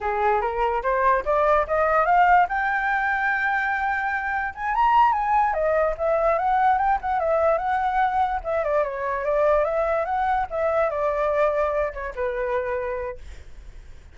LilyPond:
\new Staff \with { instrumentName = "flute" } { \time 4/4 \tempo 4 = 146 gis'4 ais'4 c''4 d''4 | dis''4 f''4 g''2~ | g''2. gis''8 ais''8~ | ais''8 gis''4 dis''4 e''4 fis''8~ |
fis''8 g''8 fis''8 e''4 fis''4.~ | fis''8 e''8 d''8 cis''4 d''4 e''8~ | e''8 fis''4 e''4 d''4.~ | d''4 cis''8 b'2~ b'8 | }